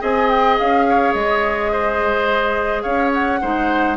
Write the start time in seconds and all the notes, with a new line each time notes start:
0.00 C4 G#4 D#5 G#5
0.29 G5
0.59 C#4 F5
0.90 C#5
1.14 G#3 D#5
1.73 C5
2.83 C#4 C#5 F5
3.14 F#5
3.42 G#3 D#4 C5